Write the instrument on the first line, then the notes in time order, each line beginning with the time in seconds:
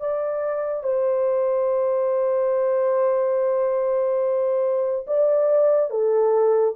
horn
0.00 D5
0.83 C5
5.07 D5
5.90 A4